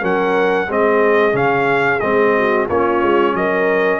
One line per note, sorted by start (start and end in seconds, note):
0.00 0.69 F#3
0.00 0.67 C#4
0.00 0.67 A#4
0.00 0.71 F#5
0.68 1.33 G#3
0.68 1.32 C4
0.68 2.35 G#4
0.68 1.36 D#5
1.32 2.00 C#3
1.32 1.98 C#4
1.32 1.99 F5
1.99 2.69 G#3
1.99 2.69 C4
1.99 2.66 D#5
2.36 2.66 F#4
2.66 3.02 A#3
2.66 4.00 C#4
2.66 3.33 F4
2.66 3.36 C#5
3.02 3.33 G#3
3.33 4.00 F#3
3.33 4.00 A#4
3.33 4.00 D#5